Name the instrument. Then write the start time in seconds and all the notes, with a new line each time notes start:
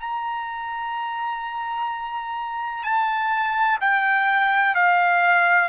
trumpet
0.00 A#5
2.84 A5
3.81 G5
4.75 F5